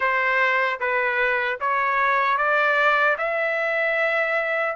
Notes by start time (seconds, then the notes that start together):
0.00 C5
0.80 B4
1.60 C#5
2.37 D5
3.18 E5